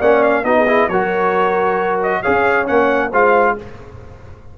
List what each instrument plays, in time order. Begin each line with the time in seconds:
0.00 tuba A#3, trombone C#4, horn D5, trumpet F#5
0.23 trumpet F5
0.44 tuba B3, trombone D#4, horn F#4, trumpet D#5
0.57 horn G#4
0.68 trombone E4
0.88 tuba F#3, trombone F#4, horn A#4, trumpet C#5
2.03 trumpet D#5
2.22 tuba C#4, trombone G#4, horn C#5, trumpet F5
2.66 tuba A#3, trombone C#4, trumpet F#5
3.11 tuba G#3, trombone F4, horn C5, trumpet F5